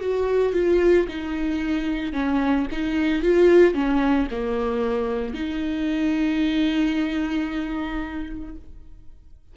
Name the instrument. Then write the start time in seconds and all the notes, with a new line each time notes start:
viola
0.00 F#4
0.53 F4
1.08 D#4
2.13 C#4
2.71 D#4
3.22 F4
3.74 C#4
4.31 A#3
5.34 D#4